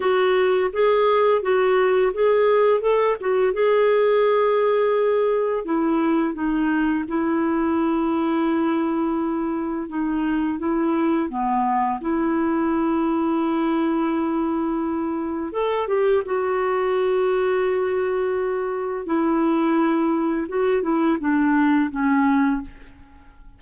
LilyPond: \new Staff \with { instrumentName = "clarinet" } { \time 4/4 \tempo 4 = 85 fis'4 gis'4 fis'4 gis'4 | a'8 fis'8 gis'2. | e'4 dis'4 e'2~ | e'2 dis'4 e'4 |
b4 e'2.~ | e'2 a'8 g'8 fis'4~ | fis'2. e'4~ | e'4 fis'8 e'8 d'4 cis'4 | }